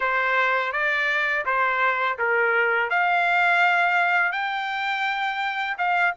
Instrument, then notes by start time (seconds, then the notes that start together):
trumpet
0.00 C5
0.72 D5
1.45 C5
2.18 A#4
2.89 F5
4.32 G5
5.77 F5